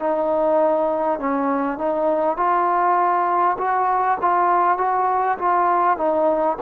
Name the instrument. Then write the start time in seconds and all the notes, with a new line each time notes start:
trombone
0.00 D#4
1.19 C#4
1.78 D#4
2.37 F4
3.58 F#4
4.22 F4
4.78 F#4
5.39 F4
5.98 D#4